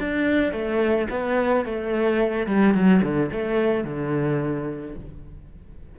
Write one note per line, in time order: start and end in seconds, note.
0.00 0.53 D4
0.53 1.08 A3
1.11 1.66 B3
1.66 2.47 A3
2.47 2.74 G3
2.74 3.02 F#3
3.03 3.31 D3
3.33 3.85 A3
3.85 4.96 D3